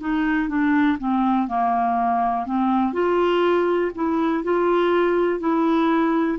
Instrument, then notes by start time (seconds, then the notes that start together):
clarinet
0.00 D#4
0.48 D4
0.98 C4
1.48 A#3
2.45 C4
2.93 F4
3.95 E4
4.44 F4
5.40 E4